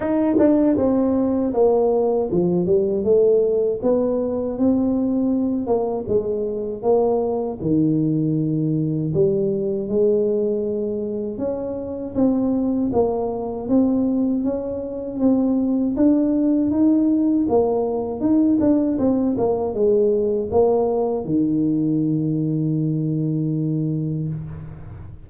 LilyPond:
\new Staff \with { instrumentName = "tuba" } { \time 4/4 \tempo 4 = 79 dis'8 d'8 c'4 ais4 f8 g8 | a4 b4 c'4. ais8 | gis4 ais4 dis2 | g4 gis2 cis'4 |
c'4 ais4 c'4 cis'4 | c'4 d'4 dis'4 ais4 | dis'8 d'8 c'8 ais8 gis4 ais4 | dis1 | }